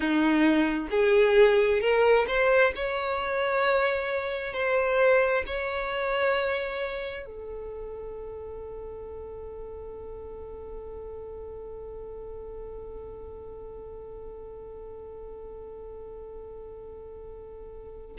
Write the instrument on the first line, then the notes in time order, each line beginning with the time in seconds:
violin
0.00 D#4
0.90 G#4
1.80 A#4
2.27 C5
2.75 C#5
4.53 C5
5.46 C#5
7.25 A4